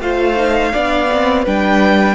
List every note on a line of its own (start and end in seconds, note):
0.00 0.72 A3
0.00 0.37 F4
0.00 0.72 C5
0.00 1.46 F5
0.37 0.73 D#4
0.72 1.46 B3
0.72 1.09 D4
0.72 1.43 D5
1.11 1.46 C4
1.43 2.15 G3
1.43 2.15 D4
1.43 2.15 B4
1.43 2.15 G5